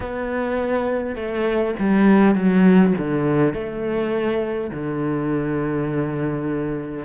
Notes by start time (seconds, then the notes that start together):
0.00 B3
1.15 A3
1.79 G3
2.35 F#3
2.98 D3
3.53 A3
4.70 D3